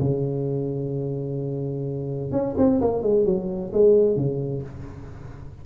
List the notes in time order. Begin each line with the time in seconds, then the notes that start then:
0.00 C#3
2.32 C#4
2.58 C4
2.81 A#3
3.03 G#3
3.25 F#3
3.73 G#3
4.16 C#3